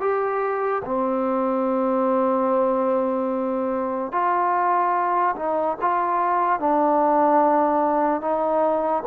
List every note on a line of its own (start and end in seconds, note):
0.00 0.82 G4
0.85 4.12 C4
4.12 5.35 F4
5.36 5.77 D#4
5.81 6.59 F4
6.59 8.21 D4
8.21 9.03 D#4